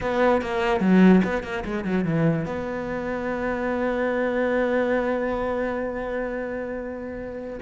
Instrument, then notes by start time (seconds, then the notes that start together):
cello
0.00 B3
0.41 A#3
0.80 F#3
1.23 B3
1.43 A#3
1.64 G#3
1.84 F#3
2.04 E3
2.45 B3